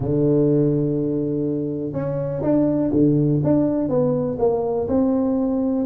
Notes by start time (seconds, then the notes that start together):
0.00 D3
1.92 C#4
2.42 D4
2.93 D3
3.43 D4
3.88 B3
4.38 A#3
4.88 C4